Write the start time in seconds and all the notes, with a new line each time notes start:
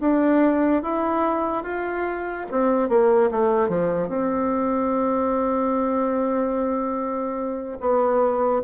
0.00 D4
0.82 E4
1.63 F4
2.51 C4
2.89 A#3
3.31 A3
3.68 F3
4.08 C4
7.80 B3